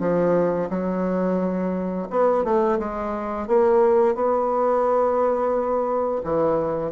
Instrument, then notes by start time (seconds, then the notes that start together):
bassoon
0.00 F3
0.70 F#3
2.10 B3
2.44 A3
2.79 G#3
3.47 A#3
4.15 B3
6.24 E3